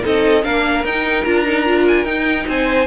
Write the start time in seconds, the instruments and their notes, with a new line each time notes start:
0.00 cello C4, viola D#4, violin A4 D#5
0.43 cello A#3, viola D4, violin A#4 F5
0.83 cello D#4, viola D#4, violin G5
1.24 cello D4, viola F4, violin A#5
1.45 viola D#4
1.65 viola F4
1.87 violin G#5
2.05 cello D#4, viola D#4, violin G5
2.47 cello C4, violin C5 G#5